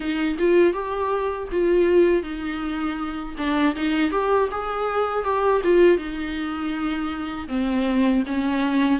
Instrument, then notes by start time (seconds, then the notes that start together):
viola
0.00 D#4
0.39 F4
0.73 G4
1.51 F4
2.22 D#4
3.38 D4
3.75 D#4
4.11 G4
4.51 G#4
5.24 G4
5.64 F4
5.97 D#4
7.48 C4
8.26 C#4